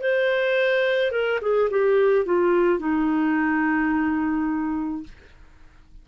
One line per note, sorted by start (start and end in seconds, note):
0.00 1.11 C5
1.11 1.39 A#4
1.41 1.69 G#4
1.70 2.25 G4
2.25 2.79 F4
2.79 5.03 D#4